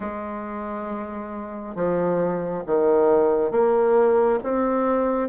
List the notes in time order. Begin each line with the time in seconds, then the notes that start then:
0.00 G#3
1.75 F3
2.66 D#3
3.51 A#3
4.43 C4